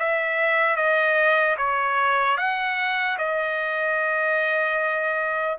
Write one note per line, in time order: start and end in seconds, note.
0.00 0.76 E5
0.76 1.56 D#5
1.58 2.38 C#5
2.38 3.18 F#5
3.19 5.59 D#5